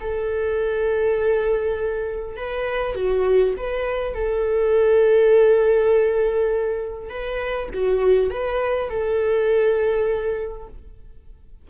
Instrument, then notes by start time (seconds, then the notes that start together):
viola
0.00 A4
2.36 B4
2.94 F#4
3.57 B4
4.14 A4
7.09 B4
7.73 F#4
8.30 B4
8.89 A4